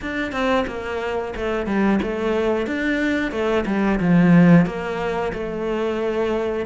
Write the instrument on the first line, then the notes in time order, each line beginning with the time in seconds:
cello
0.01 D4
0.32 C4
0.67 A#3
1.35 A3
1.66 G3
2.02 A3
2.67 D4
3.31 A3
3.66 G3
4.00 F3
4.65 A#3
5.33 A3